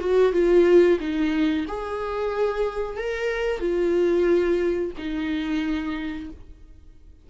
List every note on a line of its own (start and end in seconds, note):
0.00 0.33 F#4
0.33 0.99 F4
1.00 1.66 D#4
1.68 2.97 G#4
2.97 3.60 A#4
3.60 4.92 F4
4.98 6.30 D#4